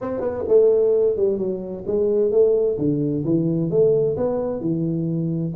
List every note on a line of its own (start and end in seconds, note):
0.01 0.20 C4
0.20 0.43 B3
0.48 1.16 A3
1.16 1.38 G3
1.38 1.84 F#3
1.86 2.31 G#3
2.31 2.77 A3
2.78 3.24 D3
3.24 3.70 E3
3.70 4.16 A3
4.16 4.60 B3
4.60 5.52 E3